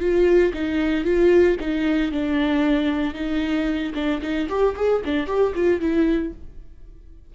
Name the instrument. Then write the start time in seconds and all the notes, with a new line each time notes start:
viola
0.00 F4
0.54 D#4
1.05 F4
1.60 D#4
2.12 D4
3.14 D#4
3.94 D4
4.22 D#4
4.49 G4
4.76 G#4
5.05 D4
5.27 G4
5.55 F4
5.81 E4